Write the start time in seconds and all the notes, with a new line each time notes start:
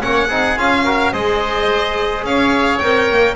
0.00 A#3 C#4 C#5 F#5
0.27 C4 D#4 G#4
0.56 C#4 F4 F5
0.84 F#4 A#4
1.12 G#3 G#4 C5 D#5
2.24 C#4 C#5 F5
2.78 C4 A#4 G5
3.10 A#3